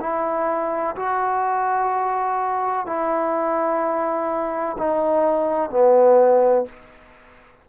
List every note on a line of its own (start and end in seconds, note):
0.00 0.95 E4
0.95 2.86 F#4
2.86 4.76 E4
4.78 5.70 D#4
5.70 6.65 B3